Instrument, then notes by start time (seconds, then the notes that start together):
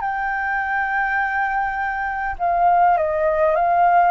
flute
0.00 G5
2.38 F5
2.97 D#5
3.55 F5